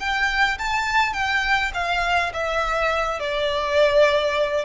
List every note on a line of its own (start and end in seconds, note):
0.00 0.58 G5
0.59 1.14 A5
1.14 1.72 G5
1.74 2.32 F5
2.33 3.20 E5
3.20 4.65 D5